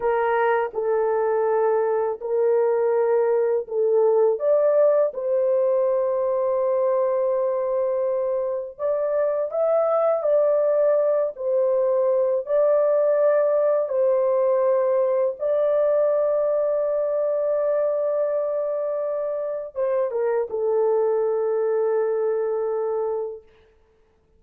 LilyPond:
\new Staff \with { instrumentName = "horn" } { \time 4/4 \tempo 4 = 82 ais'4 a'2 ais'4~ | ais'4 a'4 d''4 c''4~ | c''1 | d''4 e''4 d''4. c''8~ |
c''4 d''2 c''4~ | c''4 d''2.~ | d''2. c''8 ais'8 | a'1 | }